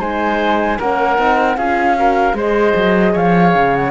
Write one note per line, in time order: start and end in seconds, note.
0.00 0.79 G#3
0.00 0.79 D#4
0.00 0.79 C5
0.00 0.80 G#5
0.79 1.19 A#3
0.79 1.17 C#4
0.79 1.58 A#4
0.79 1.57 F#5
1.17 1.58 C4
1.17 1.56 D#4
1.57 2.34 C#4
1.57 1.97 F4
1.57 1.97 G#4
1.57 2.36 F5
1.97 2.34 F#4
1.97 2.37 A#4
2.34 2.73 G#3
2.34 3.91 G#4
2.34 3.13 C5
2.34 3.17 D#5
2.76 3.15 F#3
3.13 3.55 F3
3.13 3.91 C#5
3.13 3.76 F5
3.55 3.91 C#3
3.76 3.91 F#5